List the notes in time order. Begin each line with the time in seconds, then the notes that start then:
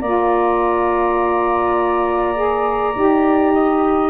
0.00 A#3 F4 D5 A#5
2.34 G#4
2.94 D#4 G4
3.53 D#5